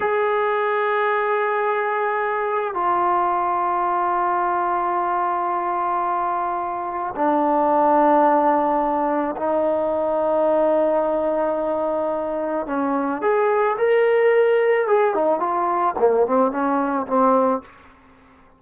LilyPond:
\new Staff \with { instrumentName = "trombone" } { \time 4/4 \tempo 4 = 109 gis'1~ | gis'4 f'2.~ | f'1~ | f'4 d'2.~ |
d'4 dis'2.~ | dis'2. cis'4 | gis'4 ais'2 gis'8 dis'8 | f'4 ais8 c'8 cis'4 c'4 | }